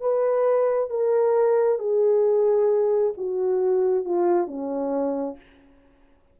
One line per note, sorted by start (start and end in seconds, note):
0.00 0.90 B4
0.90 1.79 A#4
1.79 3.13 G#4
3.17 4.04 F#4
4.04 4.47 F4
4.47 5.36 C#4